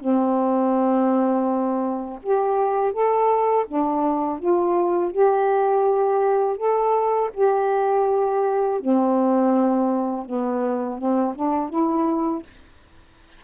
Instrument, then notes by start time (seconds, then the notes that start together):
saxophone
0.00 C4
2.23 G4
2.93 A4
3.68 D4
4.39 F4
5.12 G4
6.57 A4
7.34 G4
8.80 C4
10.26 B3
10.99 C4
11.35 D4
11.70 E4